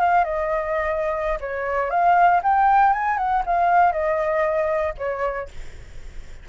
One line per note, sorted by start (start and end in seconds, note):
0.00 0.24 F5
0.24 1.39 D#5
1.41 1.90 C#5
1.90 2.41 F5
2.43 2.93 G5
2.93 3.18 G#5
3.18 3.43 F#5
3.46 3.93 F5
3.93 4.94 D#5
4.98 5.49 C#5